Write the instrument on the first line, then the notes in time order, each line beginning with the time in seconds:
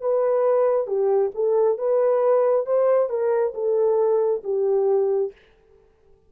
horn
0.00 B4
0.87 G4
1.34 A4
1.78 B4
2.66 C5
3.09 A#4
3.54 A4
4.44 G4